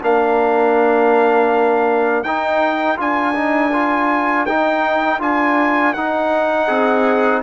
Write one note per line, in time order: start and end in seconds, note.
0.00 2.24 A#3
0.00 2.24 D4
0.00 6.67 A#4
0.00 2.23 F5
2.23 2.98 D#4
2.23 2.96 D#4
2.23 2.97 G5
2.96 4.48 D4
2.96 3.33 F4
2.96 4.46 G#5
3.34 3.71 D#4
3.72 4.46 F4
4.46 5.20 D#4
4.46 5.19 D#4
4.46 5.20 G5
5.19 5.94 D4
5.19 5.93 F4
5.19 5.93 G#5
5.93 7.42 D#4
5.93 6.68 D#4
5.93 7.42 F#5
6.67 7.42 C4
6.67 7.42 G#4